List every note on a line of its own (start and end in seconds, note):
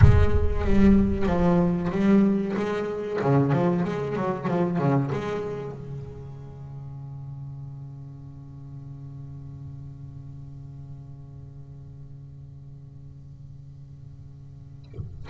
0.01 0.64 G#3
0.64 1.26 G3
1.26 1.90 F3
1.91 2.54 G3
2.56 3.20 G#3
3.21 3.52 C#3
3.52 3.84 F3
3.84 4.15 G#3
4.15 4.47 F#3
4.47 4.78 F3
4.78 5.10 C#3
5.12 5.71 G#3
5.71 15.29 C#3